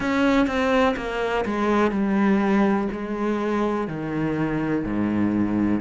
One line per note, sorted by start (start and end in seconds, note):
0.00 0.46 C#4
0.47 0.95 C4
0.96 1.44 A#3
1.45 1.91 G#3
1.91 2.88 G3
2.92 3.87 G#3
3.87 4.84 D#3
4.84 5.80 G#2